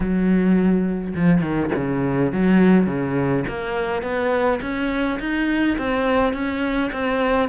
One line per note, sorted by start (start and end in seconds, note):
0.00 1.14 F#3
1.15 1.41 F3
1.41 1.70 D#3
1.75 2.32 C#3
2.32 2.86 F#3
2.86 3.44 C#3
3.48 4.02 A#3
4.02 4.59 B3
4.61 5.19 C#4
5.19 5.77 D#4
5.77 6.33 C4
6.33 6.91 C#4
6.92 7.49 C4